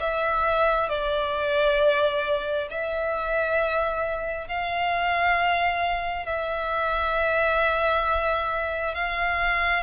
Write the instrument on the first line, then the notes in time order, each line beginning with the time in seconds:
violin
0.00 E5
0.88 D5
2.70 E5
4.47 F5
6.26 E5
8.94 F5